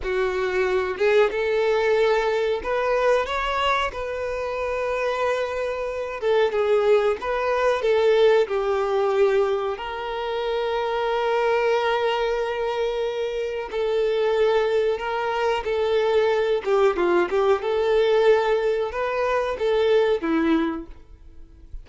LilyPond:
\new Staff \with { instrumentName = "violin" } { \time 4/4 \tempo 4 = 92 fis'4. gis'8 a'2 | b'4 cis''4 b'2~ | b'4. a'8 gis'4 b'4 | a'4 g'2 ais'4~ |
ais'1~ | ais'4 a'2 ais'4 | a'4. g'8 f'8 g'8 a'4~ | a'4 b'4 a'4 e'4 | }